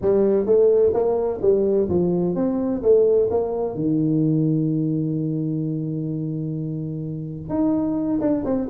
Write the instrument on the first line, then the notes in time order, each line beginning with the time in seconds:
tuba
0.01 G3
0.46 A3
0.93 A#3
1.41 G3
1.89 F3
2.35 C4
2.82 A3
3.30 A#3
3.74 D#3
7.49 D#4
8.20 D4
8.44 C4